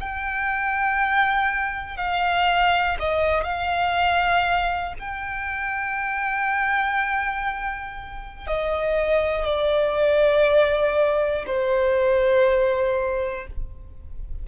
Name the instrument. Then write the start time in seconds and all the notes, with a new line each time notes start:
violin
0.00 G5
1.97 F5
3.00 D#5
3.44 F5
4.99 G5
8.47 D#5
9.45 D5
11.47 C5